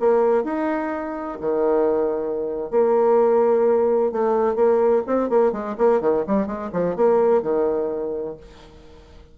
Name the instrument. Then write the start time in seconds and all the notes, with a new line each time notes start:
bassoon
0.00 A#3
0.44 D#4
1.41 D#3
2.71 A#3
4.12 A3
4.56 A#3
5.07 C4
5.30 A#3
5.53 G#3
5.78 A#3
6.01 D#3
6.27 G3
6.47 G#3
6.73 F3
6.96 A#3
7.43 D#3